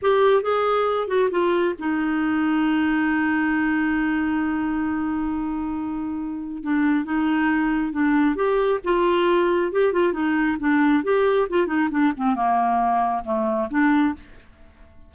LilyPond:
\new Staff \with { instrumentName = "clarinet" } { \time 4/4 \tempo 4 = 136 g'4 gis'4. fis'8 f'4 | dis'1~ | dis'1~ | dis'2. d'4 |
dis'2 d'4 g'4 | f'2 g'8 f'8 dis'4 | d'4 g'4 f'8 dis'8 d'8 c'8 | ais2 a4 d'4 | }